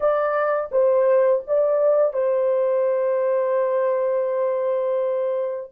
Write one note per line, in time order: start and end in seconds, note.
0.00 0.69 D5
0.71 1.43 C5
1.47 2.13 D5
2.13 5.70 C5